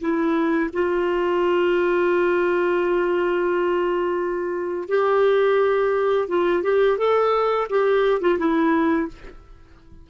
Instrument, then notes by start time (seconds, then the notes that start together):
clarinet
0.00 E4
0.73 F4
4.88 G4
6.28 F4
6.63 G4
6.97 A4
7.69 G4
8.20 F4
8.38 E4